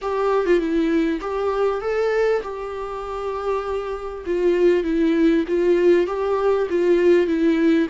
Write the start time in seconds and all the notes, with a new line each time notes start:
0.01 G4
0.45 F4
0.58 E4
1.20 G4
1.81 A4
2.42 G4
4.26 F4
4.83 E4
5.47 F4
6.06 G4
6.69 F4
7.26 E4